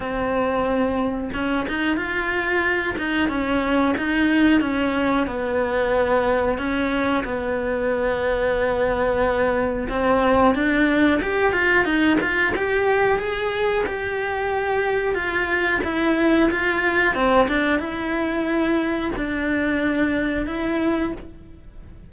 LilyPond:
\new Staff \with { instrumentName = "cello" } { \time 4/4 \tempo 4 = 91 c'2 cis'8 dis'8 f'4~ | f'8 dis'8 cis'4 dis'4 cis'4 | b2 cis'4 b4~ | b2. c'4 |
d'4 g'8 f'8 dis'8 f'8 g'4 | gis'4 g'2 f'4 | e'4 f'4 c'8 d'8 e'4~ | e'4 d'2 e'4 | }